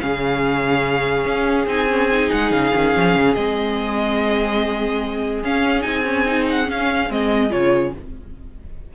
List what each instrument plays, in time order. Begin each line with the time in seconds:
0.00 cello C#3, viola C#4, violin G#4 F5
1.25 cello C#4
1.66 cello C4, viola D#4, violin G#5
1.88 viola C#4
2.12 viola D#4
2.31 cello G#3, violin F#5
2.51 cello C#3, violin F5
2.72 cello D#3, viola C#4
2.96 cello F3
3.15 cello C#3
3.34 cello G#3, viola C4, violin D#5
5.43 cello C#4, viola C#4, violin F5
5.81 cello C4, viola D#4, violin G#5
6.05 viola C#4
6.25 viola D#4
6.49 violin F#5
6.65 viola C#4, cello C#4, violin F5
7.09 cello G#3, viola C4, violin D#5
7.50 cello C#3, viola F4, violin C#5